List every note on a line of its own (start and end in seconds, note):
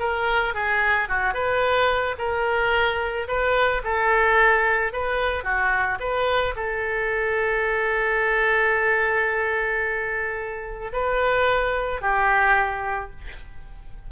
0.00 0.55 A#4
0.55 1.09 G#4
1.09 1.34 F#4
1.34 2.16 B4
2.19 3.28 A#4
3.28 3.83 B4
3.84 4.93 A4
4.93 5.44 B4
5.44 5.99 F#4
6.00 6.55 B4
6.56 10.93 A4
10.93 12.02 B4
12.02 13.11 G4